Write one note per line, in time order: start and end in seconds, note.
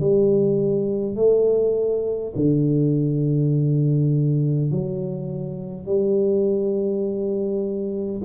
0.00 1.16 G3
1.16 2.33 A3
2.36 4.71 D3
4.71 5.86 F#3
5.86 8.21 G3